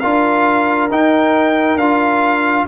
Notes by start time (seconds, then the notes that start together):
0.00 D4 F4 A#4 F5
0.91 D#4 G5
1.76 D4 F4 F5